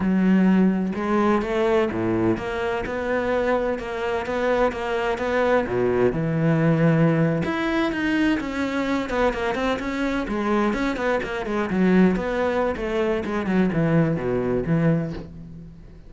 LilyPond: \new Staff \with { instrumentName = "cello" } { \time 4/4 \tempo 4 = 127 fis2 gis4 a4 | a,4 ais4 b2 | ais4 b4 ais4 b4 | b,4 e2~ e8. e'16~ |
e'8. dis'4 cis'4. b8 ais16~ | ais16 c'8 cis'4 gis4 cis'8 b8 ais16~ | ais16 gis8 fis4 b4~ b16 a4 | gis8 fis8 e4 b,4 e4 | }